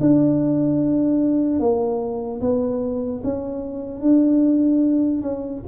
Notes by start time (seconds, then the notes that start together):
0.00 D4
1.59 A#3
2.41 B3
3.23 C#4
4.00 D4
5.21 C#4